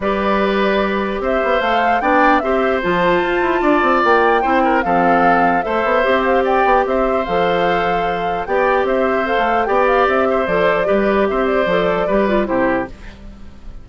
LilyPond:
<<
  \new Staff \with { instrumentName = "flute" } { \time 4/4 \tempo 4 = 149 d''2. e''4 | f''4 g''4 e''4 a''4~ | a''2 g''2 | f''2 e''4. f''8 |
g''4 e''4 f''2~ | f''4 g''4 e''4 f''4 | g''8 f''8 e''4 d''2 | e''8 d''2~ d''8 c''4 | }
  \new Staff \with { instrumentName = "oboe" } { \time 4/4 b'2. c''4~ | c''4 d''4 c''2~ | c''4 d''2 c''8 ais'8 | a'2 c''2 |
d''4 c''2.~ | c''4 d''4 c''2 | d''4. c''4. b'4 | c''2 b'4 g'4 | }
  \new Staff \with { instrumentName = "clarinet" } { \time 4/4 g'1 | a'4 d'4 g'4 f'4~ | f'2. e'4 | c'2 a'4 g'4~ |
g'2 a'2~ | a'4 g'2 a'4 | g'2 a'4 g'4~ | g'4 a'4 g'8 f'8 e'4 | }
  \new Staff \with { instrumentName = "bassoon" } { \time 4/4 g2. c'8 b8 | a4 b4 c'4 f4 | f'8 e'8 d'8 c'8 ais4 c'4 | f2 a8 b8 c'4~ |
c'8 b8 c'4 f2~ | f4 b4 c'4~ c'16 a8. | b4 c'4 f4 g4 | c'4 f4 g4 c4 | }
>>